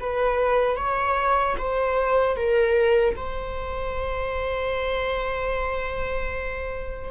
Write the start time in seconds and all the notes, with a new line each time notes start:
0.00 B4
0.77 C#5
1.58 C5
2.36 A#4
3.16 C5